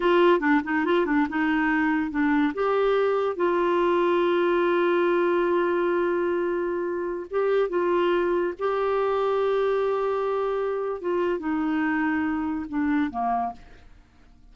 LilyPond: \new Staff \with { instrumentName = "clarinet" } { \time 4/4 \tempo 4 = 142 f'4 d'8 dis'8 f'8 d'8 dis'4~ | dis'4 d'4 g'2 | f'1~ | f'1~ |
f'4~ f'16 g'4 f'4.~ f'16~ | f'16 g'2.~ g'8.~ | g'2 f'4 dis'4~ | dis'2 d'4 ais4 | }